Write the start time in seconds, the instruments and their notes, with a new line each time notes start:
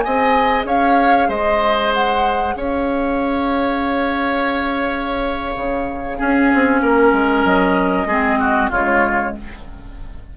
0.00 bassoon C4, clarinet G#4, oboe D#5, flute G#5
0.65 bassoon C#4, oboe C#5, flute F5
1.28 bassoon G#3, oboe C5, flute D#5
1.93 flute F#5
2.56 bassoon C#4, oboe C#5, flute F5
5.56 bassoon C#3
6.18 clarinet C#4, bassoon C#4, oboe G#4
6.53 bassoon C4
6.82 bassoon A#3, oboe A#4
7.12 bassoon G#3
7.44 bassoon F#3, flute D#5
8.06 bassoon G#3, clarinet C4, oboe G#4
8.39 oboe F#4
8.70 bassoon C#3, clarinet G#3, oboe F4, flute C#5